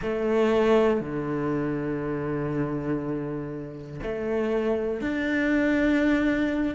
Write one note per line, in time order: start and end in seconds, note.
0.01 1.00 A3
1.00 4.00 D3
4.03 5.00 A3
5.00 6.75 D4